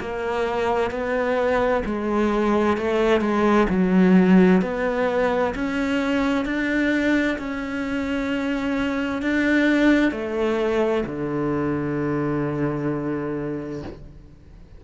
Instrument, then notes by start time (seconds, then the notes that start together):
cello
0.00 A#3
0.91 B3
1.85 G#3
2.77 A3
3.21 G#3
3.69 F#3
4.62 B3
5.55 C#4
6.45 D4
7.38 C#4
9.22 D4
10.12 A3
11.06 D3